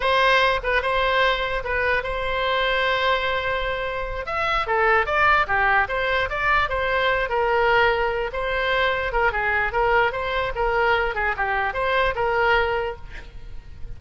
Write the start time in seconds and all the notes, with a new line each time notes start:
0.00 C5
0.63 B4
0.82 C5
1.63 B4
2.03 C5
4.26 E5
4.67 A4
5.06 D5
5.47 G4
5.88 C5
6.29 D5
6.69 C5
7.29 A#4
8.32 C5
9.12 A#4
9.32 G#4
9.72 A#4
10.11 C5
10.55 A#4
11.14 G#4
11.37 G4
11.73 C5
12.15 A#4